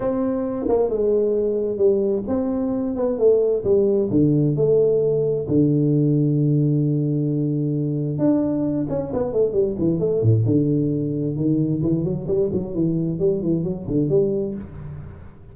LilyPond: \new Staff \with { instrumentName = "tuba" } { \time 4/4 \tempo 4 = 132 c'4. ais8 gis2 | g4 c'4. b8 a4 | g4 d4 a2 | d1~ |
d2 d'4. cis'8 | b8 a8 g8 e8 a8 a,8 d4~ | d4 dis4 e8 fis8 g8 fis8 | e4 g8 e8 fis8 d8 g4 | }